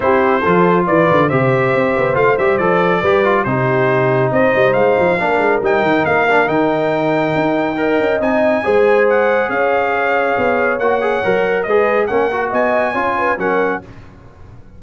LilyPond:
<<
  \new Staff \with { instrumentName = "trumpet" } { \time 4/4 \tempo 4 = 139 c''2 d''4 e''4~ | e''4 f''8 e''8 d''2 | c''2 dis''4 f''4~ | f''4 g''4 f''4 g''4~ |
g''2. gis''4~ | gis''4 fis''4 f''2~ | f''4 fis''2 dis''4 | fis''4 gis''2 fis''4 | }
  \new Staff \with { instrumentName = "horn" } { \time 4/4 g'4 a'4 b'4 c''4~ | c''2. b'4 | g'2 c''2 | ais'1~ |
ais'2 dis''2 | c''2 cis''2~ | cis''2. b'4 | ais'4 dis''4 cis''8 b'8 ais'4 | }
  \new Staff \with { instrumentName = "trombone" } { \time 4/4 e'4 f'2 g'4~ | g'4 f'8 g'8 a'4 g'8 f'8 | dis'1 | d'4 dis'4. d'8 dis'4~ |
dis'2 ais'4 dis'4 | gis'1~ | gis'4 fis'8 gis'8 ais'4 gis'4 | cis'8 fis'4. f'4 cis'4 | }
  \new Staff \with { instrumentName = "tuba" } { \time 4/4 c'4 f4 e8 d8 c4 | c'8 b8 a8 g8 f4 g4 | c2 c'8 g8 gis8 f8 | ais8 gis8 g8 dis8 ais4 dis4~ |
dis4 dis'4. cis'8 c'4 | gis2 cis'2 | b4 ais4 fis4 gis4 | ais4 b4 cis'4 fis4 | }
>>